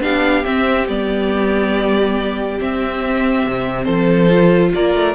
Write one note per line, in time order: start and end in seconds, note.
0.00 0.43 B3
0.00 0.44 D4
0.00 3.85 G4
0.00 0.44 F5
0.44 0.87 C4
0.44 0.89 C4
0.44 0.87 E5
0.88 2.60 G3
0.88 2.59 B3
0.88 2.60 D5
2.59 4.30 C4
2.59 3.47 C4
2.59 3.85 E5
3.47 3.87 C3
3.85 4.73 F3
3.85 4.71 A4
3.85 4.71 C5
4.30 5.15 F4
4.75 4.95 A#3
4.75 5.15 A#4
4.75 5.15 D5
4.95 5.15 A3